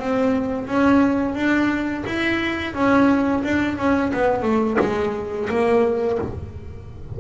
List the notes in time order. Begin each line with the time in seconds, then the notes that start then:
0.00 C4
0.67 C#4
1.35 D4
2.07 E4
2.74 C#4
3.44 D4
3.78 C#4
4.13 B3
4.43 A3
4.80 G#3
5.50 A#3